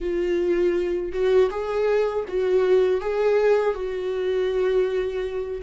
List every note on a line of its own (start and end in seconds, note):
0.00 1.12 F4
1.12 1.50 F#4
1.50 2.25 G#4
2.27 3.00 F#4
3.00 3.74 G#4
3.74 5.61 F#4